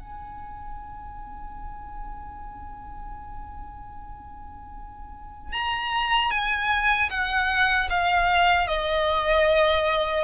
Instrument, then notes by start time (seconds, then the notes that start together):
violin
0.00 G#5
5.53 A#5
6.31 G#5
7.10 F#5
7.90 F5
8.67 D#5